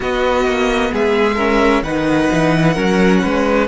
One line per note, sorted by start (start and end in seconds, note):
0.00 1.35 B3
0.00 0.45 B3
0.00 0.90 F#4
0.00 0.93 D#5
0.45 0.91 A#3
0.92 1.82 G#3
0.92 1.35 G#4
0.92 1.83 E5
1.35 1.84 C#4
1.35 1.82 A#4
1.82 2.28 D#3
1.82 2.75 D#4
1.82 2.73 B4
1.82 3.67 F#5
2.32 2.76 E3
2.73 3.22 F#3
2.73 3.67 C#4
2.73 3.19 A#4
3.22 3.67 G#3
3.22 3.67 B4